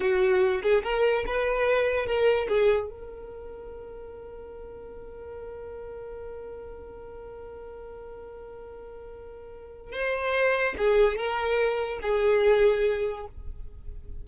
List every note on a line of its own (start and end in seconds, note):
0.00 0.62 F#4
0.62 0.83 G#4
0.83 1.24 A#4
1.26 2.06 B4
2.06 2.47 A#4
2.48 2.89 G#4
2.89 9.92 A#4
9.92 10.75 C5
10.77 11.16 G#4
11.16 11.99 A#4
12.02 13.26 G#4